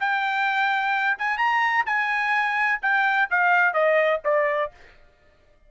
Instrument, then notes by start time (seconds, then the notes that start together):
trumpet
0.00 G5
1.18 G#5
1.38 A#5
1.86 G#5
2.82 G5
3.30 F5
3.74 D#5
4.24 D5